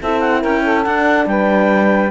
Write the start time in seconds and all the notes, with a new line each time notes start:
0.00 C4 E4 A4 E5
0.20 F#5
0.40 C#4 A#4 G5
0.63 A4
0.84 D4 F#5
1.26 G3 B4 G5